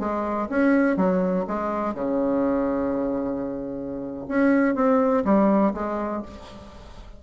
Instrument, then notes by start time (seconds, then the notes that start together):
bassoon
0.00 G#3
0.50 C#4
0.97 F#3
1.48 G#3
1.95 C#3
4.29 C#4
4.76 C4
5.25 G3
5.74 G#3